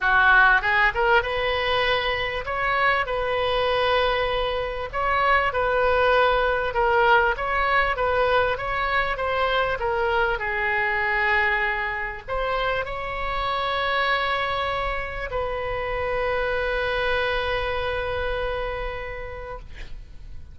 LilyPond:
\new Staff \with { instrumentName = "oboe" } { \time 4/4 \tempo 4 = 98 fis'4 gis'8 ais'8 b'2 | cis''4 b'2. | cis''4 b'2 ais'4 | cis''4 b'4 cis''4 c''4 |
ais'4 gis'2. | c''4 cis''2.~ | cis''4 b'2.~ | b'1 | }